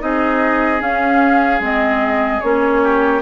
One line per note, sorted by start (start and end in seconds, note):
0.00 0.82 C4
0.00 0.80 D#4
0.00 2.83 G#4
0.00 0.82 D#5
0.80 1.60 C#4
0.80 1.62 F5
1.60 2.40 G#3
1.60 2.42 C4
1.60 2.41 D#5
2.41 3.22 A#3
2.41 3.22 C#4
2.41 3.21 C#5
2.83 3.22 G4